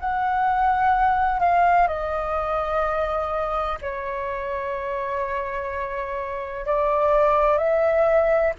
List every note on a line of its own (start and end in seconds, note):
0.00 1.40 F#5
1.40 1.88 F5
1.88 3.78 D#5
3.82 6.66 C#5
6.66 7.58 D5
7.58 8.54 E5